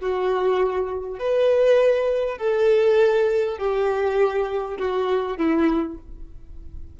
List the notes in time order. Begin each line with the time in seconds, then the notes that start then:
0.00 F#4
1.19 B4
2.38 A4
3.58 G4
4.78 F#4
5.37 E4